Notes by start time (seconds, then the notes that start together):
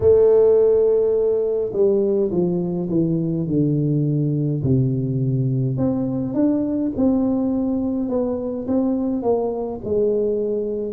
0.00 A3
1.73 G3
2.31 F3
2.89 E3
3.47 D3
4.63 C3
5.77 C4
6.34 D4
6.96 C4
8.09 B3
8.67 C4
9.22 A#3
9.84 G#3